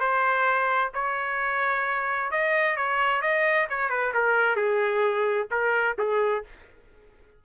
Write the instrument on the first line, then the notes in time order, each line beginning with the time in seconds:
trumpet
0.00 C5
0.94 C#5
2.31 D#5
2.76 C#5
3.21 D#5
3.70 C#5
3.90 B4
4.14 A#4
4.56 G#4
5.51 A#4
5.99 G#4